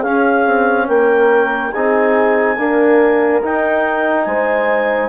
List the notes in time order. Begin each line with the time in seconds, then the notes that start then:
0.00 C#4 G#4 F5
0.46 C4
0.88 A#3 A#4 G5
1.72 C4 D#4 G#4 G#5
2.55 A#3 D4 A#4
3.42 D#4 G5
4.25 G#3 C5 G#5